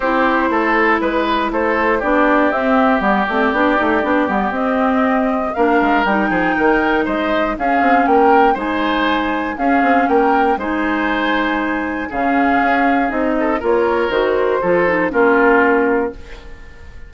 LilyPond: <<
  \new Staff \with { instrumentName = "flute" } { \time 4/4 \tempo 4 = 119 c''2 b'4 c''4 | d''4 e''4 d''2~ | d''4 dis''2 f''4 | g''2 dis''4 f''4 |
g''4 gis''2 f''4 | g''4 gis''2. | f''2 dis''4 cis''4 | c''2 ais'2 | }
  \new Staff \with { instrumentName = "oboe" } { \time 4/4 g'4 a'4 b'4 a'4 | g'1~ | g'2. ais'4~ | ais'8 gis'8 ais'4 c''4 gis'4 |
ais'4 c''2 gis'4 | ais'4 c''2. | gis'2~ gis'8 a'8 ais'4~ | ais'4 a'4 f'2 | }
  \new Staff \with { instrumentName = "clarinet" } { \time 4/4 e'1 | d'4 c'4 b8 c'8 d'8 dis'8 | d'8 b8 c'2 d'4 | dis'2. cis'4~ |
cis'4 dis'2 cis'4~ | cis'4 dis'2. | cis'2 dis'4 f'4 | fis'4 f'8 dis'8 cis'2 | }
  \new Staff \with { instrumentName = "bassoon" } { \time 4/4 c'4 a4 gis4 a4 | b4 c'4 g8 a8 b8 a8 | b8 g8 c'2 ais8 gis8 | g8 f8 dis4 gis4 cis'8 c'8 |
ais4 gis2 cis'8 c'8 | ais4 gis2. | cis4 cis'4 c'4 ais4 | dis4 f4 ais2 | }
>>